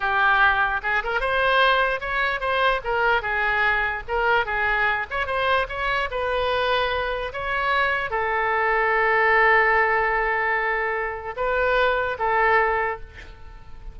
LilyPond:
\new Staff \with { instrumentName = "oboe" } { \time 4/4 \tempo 4 = 148 g'2 gis'8 ais'8 c''4~ | c''4 cis''4 c''4 ais'4 | gis'2 ais'4 gis'4~ | gis'8 cis''8 c''4 cis''4 b'4~ |
b'2 cis''2 | a'1~ | a'1 | b'2 a'2 | }